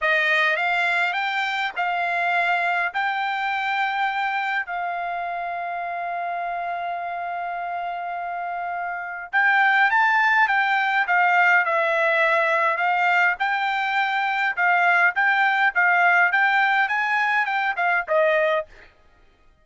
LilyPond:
\new Staff \with { instrumentName = "trumpet" } { \time 4/4 \tempo 4 = 103 dis''4 f''4 g''4 f''4~ | f''4 g''2. | f''1~ | f''1 |
g''4 a''4 g''4 f''4 | e''2 f''4 g''4~ | g''4 f''4 g''4 f''4 | g''4 gis''4 g''8 f''8 dis''4 | }